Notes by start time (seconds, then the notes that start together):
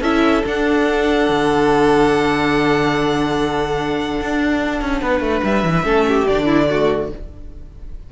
0.00 C#4 E4 A4 E5
0.45 D4 F#5
1.29 D3
4.21 D4
4.81 C#4
5.01 B3 B4
5.20 A3
5.43 G3 E5
5.63 E3
5.83 A3 C#4 A4
6.08 G4
6.27 D3 D4 D5
6.45 E4
6.69 A3 F#4